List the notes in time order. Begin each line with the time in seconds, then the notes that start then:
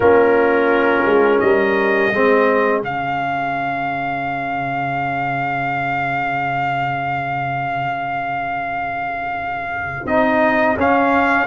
0.00 A#3 C#4 F4 A#4
1.05 G#3
1.39 G3 A#4 D#5
2.13 G#3 C4 G#4
2.82 C#3 C#4 F5
10.05 C4 D#4 D#5
10.76 C#4 F5